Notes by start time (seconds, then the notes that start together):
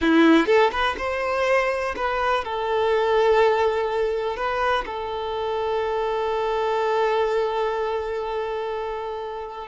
0.01 E4
0.46 A4
0.71 B4
0.98 C5
1.96 B4
2.44 A4
4.36 B4
4.86 A4